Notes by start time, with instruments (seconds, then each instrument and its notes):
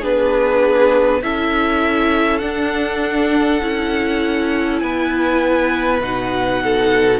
0.00 cello B3, viola D4, violin G#4 B4
1.23 cello C#4, viola E4, violin A4 E5
2.39 viola D4, cello D4, violin F#5
3.60 cello C#4, viola E4
4.79 cello B3, violin B4 G#5
6.01 cello B2, viola D#4, violin F#5
6.63 violin A4